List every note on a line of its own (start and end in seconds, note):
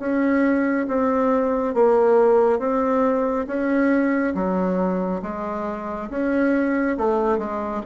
0.00 0.87 C#4
0.88 1.74 C4
1.74 2.59 A#3
2.59 3.46 C4
3.47 4.34 C#4
4.35 5.22 F#3
5.23 6.09 G#3
6.10 6.97 C#4
6.98 7.39 A3
7.39 7.82 G#3